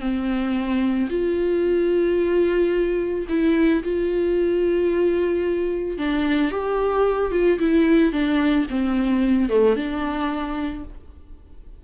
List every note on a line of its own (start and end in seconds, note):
0.00 1.08 C4
1.09 3.26 F4
3.28 3.82 E4
3.83 5.98 F4
5.98 6.51 D4
6.51 7.31 G4
7.31 7.58 F4
7.59 8.12 E4
8.12 8.66 D4
8.70 9.49 C4
9.49 9.76 A3
9.76 10.84 D4